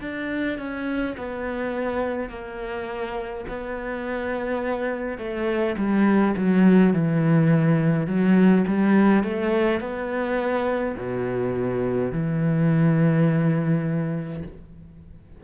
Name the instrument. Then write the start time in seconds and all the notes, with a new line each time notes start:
cello
0.00 D4
0.58 C#4
1.17 B3
2.29 A#3
3.48 B3
5.18 A3
5.77 G3
6.36 F#3
6.93 E3
8.07 F#3
8.67 G3
9.23 A3
9.80 B3
10.97 B2
12.12 E3